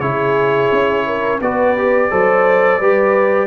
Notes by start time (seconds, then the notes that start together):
0.00 C#3 E4 G#4 C#5
0.72 C#4
1.06 A#4
1.41 B3 F#4 B4 D5
1.78 G4
2.11 F#3 A4 C5
2.80 G3 G4 B4